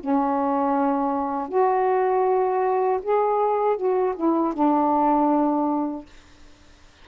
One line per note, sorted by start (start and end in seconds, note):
0.00 1.48 C#4
1.48 3.00 F#4
3.02 3.77 G#4
3.77 4.15 F#4
4.16 4.54 E4
4.54 6.06 D4